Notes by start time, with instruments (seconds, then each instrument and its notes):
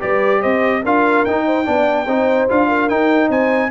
0.00 tuba G3, trombone G4, horn B4, trumpet D5
0.40 tuba C4, horn C5, trumpet D#5
0.83 tuba D4, trombone F4, horn A#4, trumpet F5
1.25 tuba D#4, trombone D#4, trumpet G5
1.46 horn C5
1.65 tuba B3, trombone D4, horn D5
2.06 tuba C4, trombone D#4, horn C5
2.49 tuba D4, trombone F4, trumpet F5
2.68 horn A#4
2.89 trombone D#4, tuba D#4, trumpet G5
3.29 tuba C4, horn C5, trumpet G#5